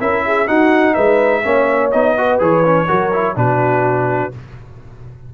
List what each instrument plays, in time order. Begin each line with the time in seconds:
0.00 tuba C#4, trombone E4, horn A#4, trumpet E5
0.25 horn G#4
0.47 trombone D#4, tuba D#4, horn F#4, trumpet F#5
0.93 tuba G#3, horn B4, trumpet E5
1.43 tuba A#3, trombone C#4, horn C#5
1.91 tuba B3, trombone D#4, trumpet D#5
2.17 trombone F#4, horn B4
2.39 tuba E3, trombone G#4, trumpet C#5
2.65 trombone C#4
2.87 tuba F#3, trombone F#4, horn A#4
3.13 trombone E4
3.35 tuba B2, trombone D4, horn F#4, trumpet B4